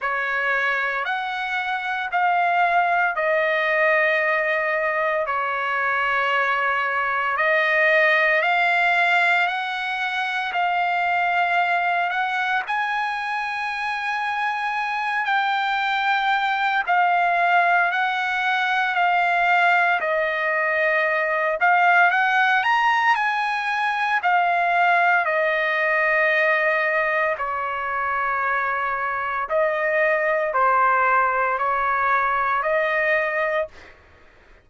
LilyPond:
\new Staff \with { instrumentName = "trumpet" } { \time 4/4 \tempo 4 = 57 cis''4 fis''4 f''4 dis''4~ | dis''4 cis''2 dis''4 | f''4 fis''4 f''4. fis''8 | gis''2~ gis''8 g''4. |
f''4 fis''4 f''4 dis''4~ | dis''8 f''8 fis''8 ais''8 gis''4 f''4 | dis''2 cis''2 | dis''4 c''4 cis''4 dis''4 | }